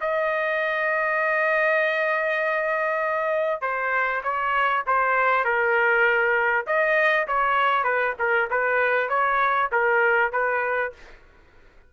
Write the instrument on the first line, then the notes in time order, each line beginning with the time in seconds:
trumpet
0.00 D#5
3.61 C5
4.23 C#5
4.86 C5
5.44 A#4
6.66 D#5
7.27 C#5
7.83 B4
8.19 A#4
8.50 B4
9.09 C#5
9.71 A#4
10.32 B4